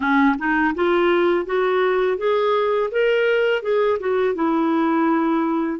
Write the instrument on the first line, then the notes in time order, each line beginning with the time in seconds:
clarinet
0.00 C#4
0.38 D#4
0.74 F4
1.45 F#4
2.17 G#4
2.91 A#4
3.62 G#4
3.99 F#4
4.34 E4